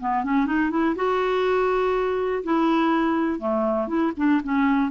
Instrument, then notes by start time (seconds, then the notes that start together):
clarinet
0.00 B3
0.24 C#4
0.46 D#4
0.70 E4
0.96 F#4
2.43 E4
3.39 A3
3.87 E4
4.17 D4
4.43 C#4